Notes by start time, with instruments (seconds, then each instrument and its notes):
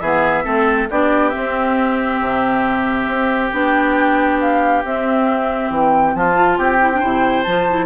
0.00 bassoon E3, clarinet B3, oboe G#4, flute E5
0.44 bassoon A3, clarinet C4, oboe A4
0.90 bassoon B3, clarinet D4, oboe G4, flute D5
1.29 clarinet C4, flute E5
1.36 bassoon C4
2.20 bassoon C3
3.08 bassoon C4
3.52 bassoon B3, clarinet D4, flute G5
4.40 flute F5
4.84 bassoon C4, clarinet C4, flute E5
5.70 bassoon E3, flute G5
6.14 bassoon F3, oboe F4, flute A5
6.34 clarinet F4
6.58 bassoon C4, oboe G4, flute G5
6.81 clarinet E4
6.93 clarinet D4
7.00 bassoon C3, clarinet E4, oboe C5
7.43 bassoon F3, clarinet F4, flute A5
7.69 clarinet E4